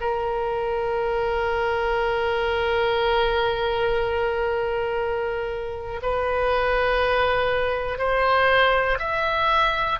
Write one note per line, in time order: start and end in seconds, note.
0.00 6.00 A#4
6.02 7.98 B4
7.98 8.98 C5
8.99 9.99 E5